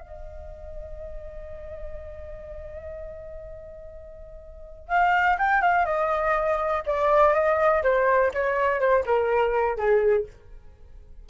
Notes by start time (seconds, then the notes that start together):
0.00 D#5
4.88 F5
5.38 G5
5.61 F5
5.85 D#5
6.86 D5
7.33 D#5
7.83 C5
8.34 C#5
8.80 C5
9.06 A#4
9.76 G#4